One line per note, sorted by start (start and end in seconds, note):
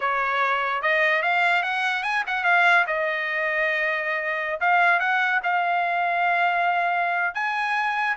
0.00 0.81 C#5
0.82 1.22 D#5
1.22 1.63 F5
1.63 2.03 F#5
2.03 2.23 G#5
2.27 2.44 F#5
2.44 2.85 F5
2.86 4.60 D#5
4.60 4.99 F5
4.99 5.40 F#5
5.43 7.34 F5
7.34 8.16 G#5